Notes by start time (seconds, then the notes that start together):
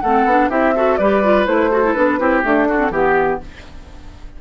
0.00 A3 C4 A4 F#5
0.25 B3 D4
0.49 C4 E4 G4 E5
0.75 F#4 A4
0.96 G3 G4 B4 D5
1.23 F4
1.45 A3 E4 C5
1.70 F#4 A4
1.83 E4
1.92 B3 D4 B4
2.19 C4 E4 G4
2.42 A3 D4 A4
2.68 D4 F#4
2.79 C4
2.90 E3 B3 G4